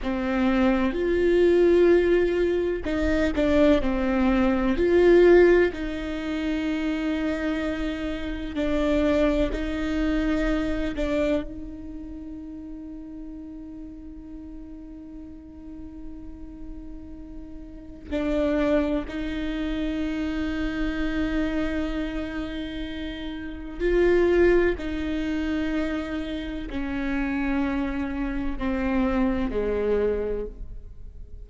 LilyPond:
\new Staff \with { instrumentName = "viola" } { \time 4/4 \tempo 4 = 63 c'4 f'2 dis'8 d'8 | c'4 f'4 dis'2~ | dis'4 d'4 dis'4. d'8 | dis'1~ |
dis'2. d'4 | dis'1~ | dis'4 f'4 dis'2 | cis'2 c'4 gis4 | }